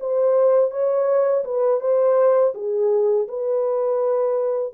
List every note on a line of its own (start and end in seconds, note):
0.00 0.71 C5
0.71 1.44 C#5
1.44 1.80 B4
1.80 2.53 C5
2.54 3.28 G#4
3.28 4.73 B4